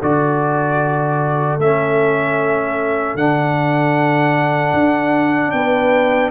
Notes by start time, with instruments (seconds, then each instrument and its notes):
0.00 tuba D3, trombone F#4, horn A4, trumpet D5
1.59 tuba A3, trombone C#4, trumpet E5
3.15 tuba D3, trombone D4, trumpet F#5
4.74 tuba D4
5.51 tuba B3, horn B4, trumpet G5